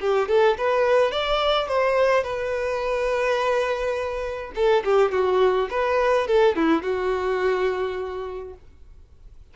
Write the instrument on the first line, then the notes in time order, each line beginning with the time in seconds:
violin
0.00 G4
0.28 A4
0.58 B4
1.11 D5
1.68 C5
2.23 B4
4.55 A4
4.84 G4
5.11 F#4
5.70 B4
6.27 A4
6.56 E4
6.82 F#4